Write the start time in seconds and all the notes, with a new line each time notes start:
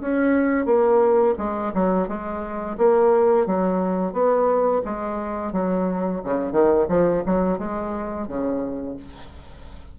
0.00 C#4
0.65 A#3
1.38 G#3
1.73 F#3
2.08 G#3
2.77 A#3
3.46 F#3
4.12 B3
4.84 G#3
5.52 F#3
6.24 C#3
6.51 D#3
6.88 F3
7.25 F#3
7.58 G#3
8.27 C#3